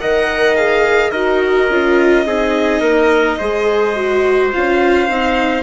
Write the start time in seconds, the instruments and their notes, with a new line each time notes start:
0.00 bassoon D#3, viola A#4, trumpet D#5, violin F#5
0.56 viola G#4, violin F5
1.11 bassoon D#4, viola F#4, trumpet A#4, violin D#5
1.70 bassoon C#4, viola F4
2.26 bassoon C4, viola D#4, trumpet G#4
2.81 bassoon A#3, trumpet A#4
3.39 bassoon G#3, viola G#4, trumpet C5
3.96 viola F#4
4.53 bassoon C#4, viola F4, violin F5
5.09 bassoon C4, viola D#4